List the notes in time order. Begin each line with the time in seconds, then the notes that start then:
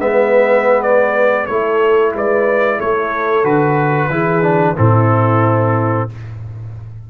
0.00 G#3 B3 B4 E5
0.83 D5
1.47 A3 E4 A4 C#5
2.14 G#3 B4 D5
2.78 A3 A4 C#5
3.44 D3 F#4 B4
4.09 E3 E4 G#4
4.43 D4
4.78 A2 C4 E4 A4